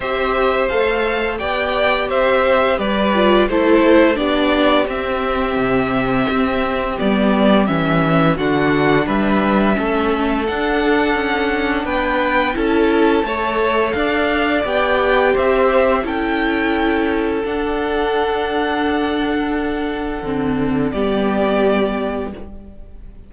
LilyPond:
<<
  \new Staff \with { instrumentName = "violin" } { \time 4/4 \tempo 4 = 86 e''4 f''4 g''4 e''4 | d''4 c''4 d''4 e''4~ | e''2 d''4 e''4 | fis''4 e''2 fis''4~ |
fis''4 g''4 a''2 | f''4 g''4 e''4 g''4~ | g''4 fis''2.~ | fis''2 d''2 | }
  \new Staff \with { instrumentName = "violin" } { \time 4/4 c''2 d''4 c''4 | b'4 a'4 g'2~ | g'1 | fis'4 b'4 a'2~ |
a'4 b'4 a'4 cis''4 | d''2 c''4 a'4~ | a'1~ | a'2 g'2 | }
  \new Staff \with { instrumentName = "viola" } { \time 4/4 g'4 a'4 g'2~ | g'8 f'8 e'4 d'4 c'4~ | c'2 b4 cis'4 | d'2 cis'4 d'4~ |
d'2 e'4 a'4~ | a'4 g'2 e'4~ | e'4 d'2.~ | d'4 c'4 b2 | }
  \new Staff \with { instrumentName = "cello" } { \time 4/4 c'4 a4 b4 c'4 | g4 a4 b4 c'4 | c4 c'4 g4 e4 | d4 g4 a4 d'4 |
cis'4 b4 cis'4 a4 | d'4 b4 c'4 cis'4~ | cis'4 d'2.~ | d'4 d4 g2 | }
>>